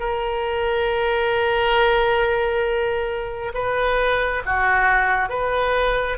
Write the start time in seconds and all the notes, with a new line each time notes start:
0.00 A#4
3.55 B4
4.46 F#4
5.30 B4